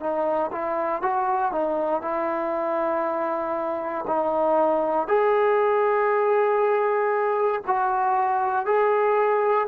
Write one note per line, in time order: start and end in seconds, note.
0.00 0.51 D#4
0.52 1.02 E4
1.02 1.52 F#4
1.52 2.02 D#4
2.02 4.05 E4
4.07 5.08 D#4
5.08 7.62 G#4
7.67 8.66 F#4
8.66 9.67 G#4